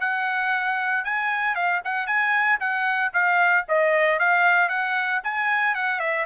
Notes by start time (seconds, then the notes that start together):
0.00 F#5
1.04 G#5
1.55 F5
1.84 F#5
2.07 G#5
2.60 F#5
3.13 F5
3.68 D#5
4.19 F5
4.69 F#5
5.23 G#5
5.75 F#5
6.00 E5